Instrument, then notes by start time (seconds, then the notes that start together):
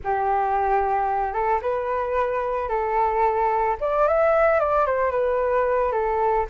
flute
0.03 G4
1.33 A4
1.61 B4
2.69 A4
3.80 D5
4.07 E5
4.59 D5
4.86 C5
5.11 B4
5.92 A4